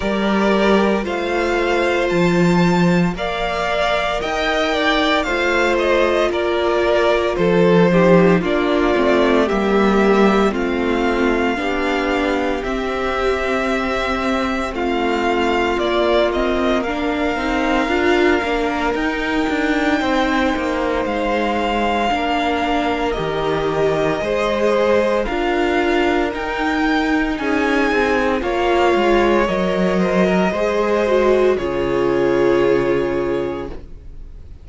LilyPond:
<<
  \new Staff \with { instrumentName = "violin" } { \time 4/4 \tempo 4 = 57 d''4 f''4 a''4 f''4 | g''4 f''8 dis''8 d''4 c''4 | d''4 e''4 f''2 | e''2 f''4 d''8 dis''8 |
f''2 g''2 | f''2 dis''2 | f''4 g''4 gis''4 f''4 | dis''2 cis''2 | }
  \new Staff \with { instrumentName = "violin" } { \time 4/4 ais'4 c''2 d''4 | dis''8 d''8 c''4 ais'4 a'8 g'8 | f'4 g'4 f'4 g'4~ | g'2 f'2 |
ais'2. c''4~ | c''4 ais'2 c''4 | ais'2 gis'4 cis''4~ | cis''8 c''16 ais'16 c''4 gis'2 | }
  \new Staff \with { instrumentName = "viola" } { \time 4/4 g'4 f'2 ais'4~ | ais'4 f'2~ f'8 dis'8 | d'8 c'8 ais4 c'4 d'4 | c'2. ais8 c'8 |
d'8 dis'8 f'8 d'8 dis'2~ | dis'4 d'4 g'4 gis'4 | f'4 dis'2 f'4 | ais'4 gis'8 fis'8 f'2 | }
  \new Staff \with { instrumentName = "cello" } { \time 4/4 g4 a4 f4 ais4 | dis'4 a4 ais4 f4 | ais8 a8 g4 a4 b4 | c'2 a4 ais4~ |
ais8 c'8 d'8 ais8 dis'8 d'8 c'8 ais8 | gis4 ais4 dis4 gis4 | d'4 dis'4 cis'8 c'8 ais8 gis8 | fis4 gis4 cis2 | }
>>